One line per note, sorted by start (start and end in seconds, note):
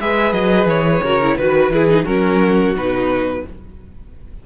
0.00 0.33 G#3
0.00 1.03 G#4
0.00 1.03 B4
0.00 0.32 E5
0.32 0.66 F#3
0.32 0.67 D#5
0.66 1.00 E3
0.66 1.37 C#5
1.03 1.37 C#3
1.03 1.21 F#4
1.03 1.37 A#4
1.22 1.39 E4
1.37 1.70 D#3
1.37 1.72 F#4
1.37 2.03 B4
1.37 1.72 B4
1.70 2.04 E3
1.70 1.89 E4
1.70 2.06 G#4
1.89 2.05 D#4
2.03 2.74 F#3
2.03 2.74 C#4
2.03 3.41 F#4
2.03 2.75 A#4
2.74 3.43 B2
2.74 3.45 D#4
2.74 3.46 B4